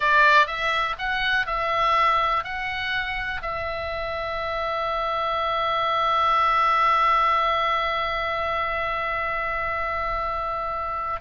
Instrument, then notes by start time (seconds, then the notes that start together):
oboe
0.00 D5
0.46 E5
0.98 F#5
1.46 E5
2.43 F#5
3.42 E5